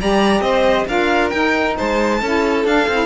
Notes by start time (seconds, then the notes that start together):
0.00 G3 G4 D5 A#5
0.41 C4 C5 D#5
0.88 D4 F4 A#4 F5
1.30 D#4 G5
1.76 G#3 C5 A5
2.21 C#4 E4 A4
2.65 D4 F5
2.88 C4 E4